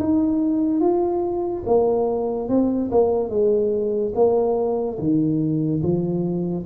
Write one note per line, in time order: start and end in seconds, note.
0.00 0.80 D#4
0.80 1.64 F4
1.66 2.49 A#3
2.49 2.91 C4
2.91 3.30 A#3
3.30 4.13 G#3
4.15 4.98 A#3
4.98 5.82 D#3
5.83 6.66 F3